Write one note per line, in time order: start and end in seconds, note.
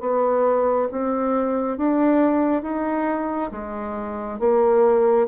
0.00 0.88 B3
0.91 1.77 C4
1.77 2.62 D4
2.62 3.51 D#4
3.51 4.39 G#3
4.39 5.27 A#3